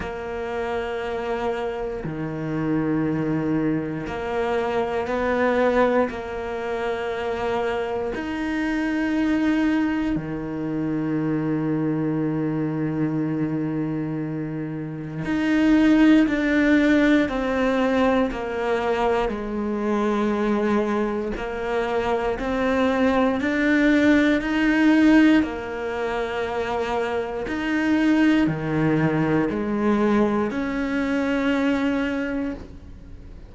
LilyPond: \new Staff \with { instrumentName = "cello" } { \time 4/4 \tempo 4 = 59 ais2 dis2 | ais4 b4 ais2 | dis'2 dis2~ | dis2. dis'4 |
d'4 c'4 ais4 gis4~ | gis4 ais4 c'4 d'4 | dis'4 ais2 dis'4 | dis4 gis4 cis'2 | }